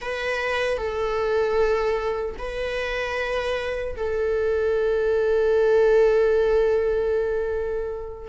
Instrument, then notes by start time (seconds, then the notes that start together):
viola
0.01 B4
0.77 A4
2.38 B4
3.96 A4